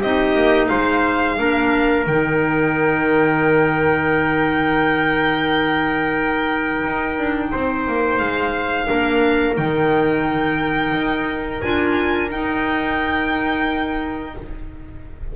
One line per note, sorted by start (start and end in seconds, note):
0.00 0.34 C4
0.00 1.37 D#4
0.00 0.68 G4
0.00 0.68 D#5
0.34 0.68 A#3
0.68 1.38 G#3
0.68 1.38 C5
0.68 2.05 F5
1.37 2.06 A#3
1.37 2.05 D4
1.37 7.51 A#4
2.06 6.84 D#3
2.06 8.87 D#4
2.06 8.17 G5
6.84 7.18 D#4
7.18 7.52 D4
7.51 7.87 C4
7.51 8.87 C5
7.88 8.20 A#3
8.17 8.88 G#3
8.17 9.54 F5
8.87 9.58 A#3
8.87 9.55 D4
8.87 14.33 A#4
9.55 10.93 D#3
9.55 11.59 D#4
9.55 11.61 G5
10.93 11.61 D#4
11.61 12.31 D4
11.61 12.29 F4
11.61 12.29 G#5
12.29 14.34 D#4
12.29 14.35 D#4
12.29 14.36 G5